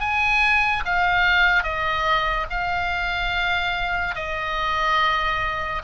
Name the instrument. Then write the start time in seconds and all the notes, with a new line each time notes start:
oboe
0.00 G#5
0.85 F5
1.63 D#5
2.50 F5
4.15 D#5